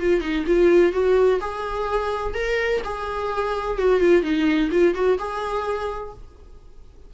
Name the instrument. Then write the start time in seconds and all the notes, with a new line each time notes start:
viola
0.00 F4
0.21 D#4
0.47 F4
0.93 F#4
1.41 G#4
2.34 A#4
2.85 G#4
3.79 F#4
4.01 F4
4.23 D#4
4.72 F4
4.95 F#4
5.19 G#4